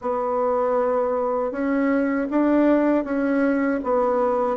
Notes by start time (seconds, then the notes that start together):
0.01 B3
1.51 C#4
2.30 D4
3.04 C#4
3.83 B3